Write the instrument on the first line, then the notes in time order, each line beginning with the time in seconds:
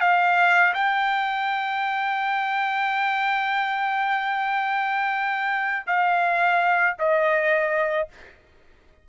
trumpet
0.00 F5
0.74 G5
5.86 F5
6.98 D#5